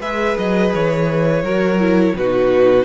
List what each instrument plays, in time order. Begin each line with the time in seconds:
0.00 cello G#3, viola G#4, violin B4 E5
0.38 cello F#3, violin D#5
0.74 cello E3, violin C#5
1.43 cello F#3, viola F#4, violin A#4
1.80 viola E4
2.16 cello B2, viola D#4, violin F#4 B4